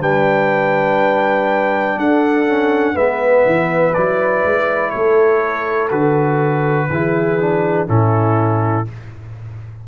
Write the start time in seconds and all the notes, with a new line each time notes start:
0.00 G3 D4 B4 G5
1.97 D4 A4 F#5
2.46 C#4
2.94 G#3 B3 B4 E5
3.46 E3
3.94 F#3 E4 D5
4.44 G#3
4.90 A3 A4 C#5
5.90 D3 F#4 B4
6.90 E3 E4 G#4
7.40 D4
7.87 A2 C#4 E4 A4